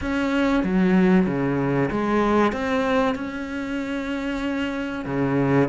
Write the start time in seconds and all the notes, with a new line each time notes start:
0.01 C#4
0.63 F#3
1.26 C#3
1.90 G#3
2.52 C4
3.15 C#4
5.05 C#3